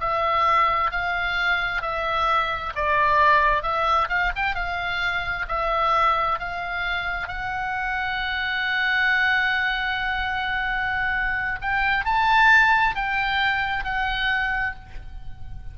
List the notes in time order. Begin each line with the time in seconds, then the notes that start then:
0.00 E5
0.91 F5
1.82 E5
2.75 D5
3.63 E5
4.09 F5
4.36 G5
4.55 F5
5.48 E5
6.39 F5
7.28 F#5
11.61 G5
12.05 A5
12.95 G5
13.84 F#5